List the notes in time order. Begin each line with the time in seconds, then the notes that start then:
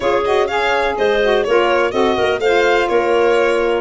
0.00 C#4 F4 G#4 C#5
0.24 F#4 D#5
0.47 G#4 C#5 F5
0.97 G#3 C5 D#5
1.22 F#4
1.43 A#3 F4 A#4 C#5
1.91 C4 F#4 A4 D#5
2.16 A#3 A#4
2.39 A3 F4 C5 F5
2.88 A#3 A#4 C#5